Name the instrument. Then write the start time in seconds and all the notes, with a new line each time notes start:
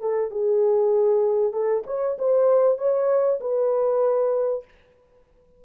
horn
0.00 A4
0.30 G#4
1.52 A4
1.86 C#5
2.18 C5
2.78 C#5
3.40 B4